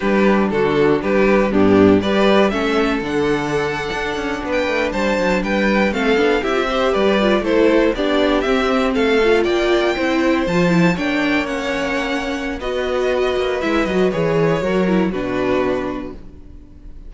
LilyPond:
<<
  \new Staff \with { instrumentName = "violin" } { \time 4/4 \tempo 4 = 119 b'4 a'4 b'4 g'4 | d''4 e''4 fis''2~ | fis''4 g''8. a''4 g''4 f''16~ | f''8. e''4 d''4 c''4 d''16~ |
d''8. e''4 f''4 g''4~ g''16~ | g''8. a''4 g''4 fis''4~ fis''16~ | fis''4 dis''2 e''8 dis''8 | cis''2 b'2 | }
  \new Staff \with { instrumentName = "violin" } { \time 4/4 g'4 fis'4 g'4 d'4 | b'4 a'2.~ | a'8. b'4 c''4 b'4 a'16~ | a'8. g'8 c''8 b'4 a'4 g'16~ |
g'4.~ g'16 a'4 d''4 c''16~ | c''4.~ c''16 cis''2~ cis''16~ | cis''4 b'2.~ | b'4 ais'4 fis'2 | }
  \new Staff \with { instrumentName = "viola" } { \time 4/4 d'2. b4 | g'4 cis'4 d'2~ | d'2.~ d'8. c'16~ | c'16 d'8 e'16 f'16 g'4 f'8 e'4 d'16~ |
d'8. c'4. f'4. e'16~ | e'8. f'8 e'8 d'4 cis'4~ cis'16~ | cis'4 fis'2 e'8 fis'8 | gis'4 fis'8 e'8 d'2 | }
  \new Staff \with { instrumentName = "cello" } { \time 4/4 g4 d4 g4 g,4 | g4 a4 d4.~ d16 d'16~ | d'16 cis'8 b8 a8 g8 fis8 g4 a16~ | a16 b8 c'4 g4 a4 b16~ |
b8. c'4 a4 ais4 c'16~ | c'8. f4 ais2~ ais16~ | ais4 b4. ais8 gis8 fis8 | e4 fis4 b,2 | }
>>